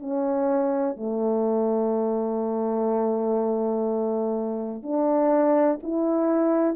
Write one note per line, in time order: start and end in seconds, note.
0.00 0.97 C#4
0.97 4.83 A3
4.83 5.80 D4
5.83 6.76 E4